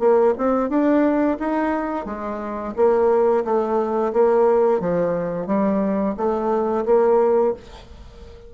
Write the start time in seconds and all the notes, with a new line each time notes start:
0.00 A#3
0.38 C4
0.70 D4
1.40 D#4
2.06 G#3
2.76 A#3
3.45 A3
4.13 A#3
4.81 F3
5.47 G3
6.17 A3
6.86 A#3